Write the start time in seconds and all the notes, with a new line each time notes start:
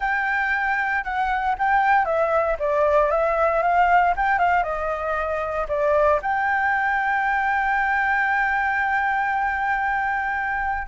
0.00 G5
1.04 F#5
1.58 G5
2.05 E5
2.59 D5
3.10 E5
3.62 F5
4.16 G5
4.38 F5
4.63 D#5
5.68 D5
6.21 G5